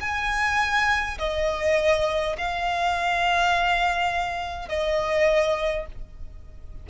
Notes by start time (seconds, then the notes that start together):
0.00 G#5
1.18 D#5
2.37 F5
4.68 D#5